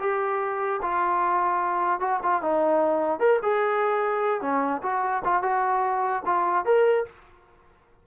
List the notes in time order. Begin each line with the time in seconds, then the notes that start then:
0.00 G4
0.82 F4
2.00 F#4
2.23 F4
2.42 D#4
3.20 A#4
3.43 G#4
4.41 C#4
4.83 F#4
5.25 F4
5.43 F#4
6.26 F4
6.66 A#4